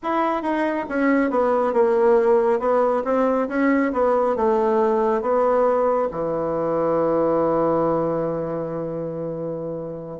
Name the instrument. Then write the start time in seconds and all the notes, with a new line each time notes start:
bassoon
0.02 E4
0.42 D#4
0.89 C#4
1.30 B3
1.73 A#3
2.59 B3
3.04 C4
3.48 C#4
3.92 B3
4.36 A3
5.21 B3
6.11 E3